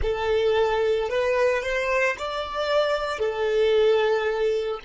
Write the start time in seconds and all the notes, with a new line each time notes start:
0.01 A4
1.09 B4
1.62 C5
2.18 D5
3.19 A4